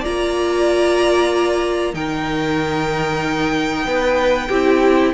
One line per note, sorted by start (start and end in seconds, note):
0.00 1.93 A#3
0.00 1.93 F4
0.00 1.91 D5
0.00 1.94 A#5
1.93 3.84 D#3
1.93 4.48 D#4
1.93 3.87 A#4
1.93 5.13 G5
3.84 4.48 B3
3.84 4.48 B4
4.48 5.13 C4
4.48 5.13 E4
4.48 5.12 G4